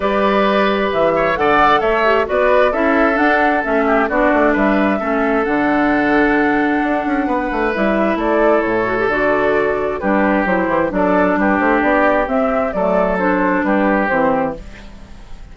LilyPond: <<
  \new Staff \with { instrumentName = "flute" } { \time 4/4 \tempo 4 = 132 d''2 e''4 fis''4 | e''4 d''4 e''4 fis''4 | e''4 d''4 e''2 | fis''1~ |
fis''4 e''4 d''4 cis''4 | d''2 b'4 c''4 | d''4 b'8 c''8 d''4 e''4 | d''4 c''4 b'4 c''4 | }
  \new Staff \with { instrumentName = "oboe" } { \time 4/4 b'2~ b'8 cis''8 d''4 | cis''4 b'4 a'2~ | a'8 g'8 fis'4 b'4 a'4~ | a'1 |
b'2 a'2~ | a'2 g'2 | a'4 g'2. | a'2 g'2 | }
  \new Staff \with { instrumentName = "clarinet" } { \time 4/4 g'2. a'4~ | a'8 g'8 fis'4 e'4 d'4 | cis'4 d'2 cis'4 | d'1~ |
d'4 e'2~ e'8 fis'16 g'16 | fis'2 d'4 e'4 | d'2. c'4 | a4 d'2 c'4 | }
  \new Staff \with { instrumentName = "bassoon" } { \time 4/4 g2 e4 d4 | a4 b4 cis'4 d'4 | a4 b8 a8 g4 a4 | d2. d'8 cis'8 |
b8 a8 g4 a4 a,4 | d2 g4 fis8 e8 | fis4 g8 a8 b4 c'4 | fis2 g4 e4 | }
>>